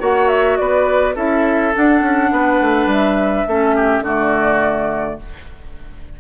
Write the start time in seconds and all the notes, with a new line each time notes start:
0.00 A#3 F#4 C#5 F#5
0.29 E5
0.57 B3 B4 D5
1.15 C#4 E4 A4 E5
1.75 D4 F#5
2.02 C#4
2.32 B3 B4
2.61 A3
2.86 G3 E5
3.47 A3 C#4 A4
3.76 G4
4.00 D3 A3 F#4 D5